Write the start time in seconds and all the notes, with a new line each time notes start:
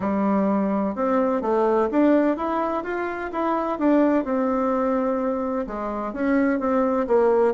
0.00 G3
0.95 C4
1.41 A3
1.91 D4
2.36 E4
2.83 F4
3.32 E4
3.79 D4
4.24 C4
5.66 G#3
6.13 C#4
6.59 C4
7.07 A#3